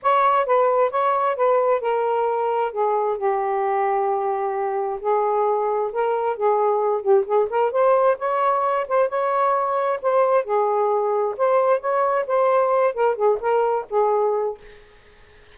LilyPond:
\new Staff \with { instrumentName = "saxophone" } { \time 4/4 \tempo 4 = 132 cis''4 b'4 cis''4 b'4 | ais'2 gis'4 g'4~ | g'2. gis'4~ | gis'4 ais'4 gis'4. g'8 |
gis'8 ais'8 c''4 cis''4. c''8 | cis''2 c''4 gis'4~ | gis'4 c''4 cis''4 c''4~ | c''8 ais'8 gis'8 ais'4 gis'4. | }